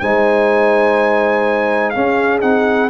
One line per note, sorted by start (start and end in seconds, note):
0.00 1.96 G#3
0.00 1.95 D#4
0.00 1.95 C5
0.00 1.91 G#5
1.91 2.42 C#4
1.91 2.43 C#4
1.91 2.91 G#4
1.91 2.39 F5
2.42 2.91 C4
2.42 2.90 D#4
2.42 2.90 F#5